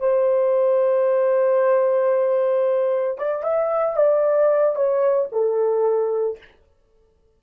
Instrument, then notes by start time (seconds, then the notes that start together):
horn
0.00 C5
3.18 D5
3.44 E5
3.97 D5
4.76 C#5
5.32 A4